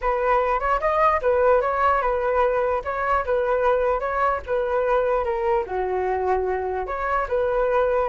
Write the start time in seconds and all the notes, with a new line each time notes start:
0.01 B4
0.59 C#5
0.80 D#5
1.21 B4
1.61 C#5
2.01 B4
2.84 C#5
3.25 B4
4.00 C#5
4.46 B4
5.24 A#4
5.66 F#4
6.86 C#5
7.28 B4